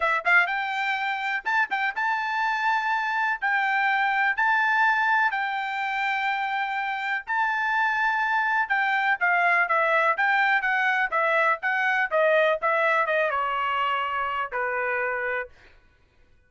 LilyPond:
\new Staff \with { instrumentName = "trumpet" } { \time 4/4 \tempo 4 = 124 e''8 f''8 g''2 a''8 g''8 | a''2. g''4~ | g''4 a''2 g''4~ | g''2. a''4~ |
a''2 g''4 f''4 | e''4 g''4 fis''4 e''4 | fis''4 dis''4 e''4 dis''8 cis''8~ | cis''2 b'2 | }